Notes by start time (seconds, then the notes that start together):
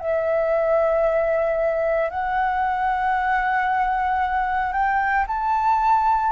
0.00 E5
2.10 F#5
4.73 G5
5.27 A5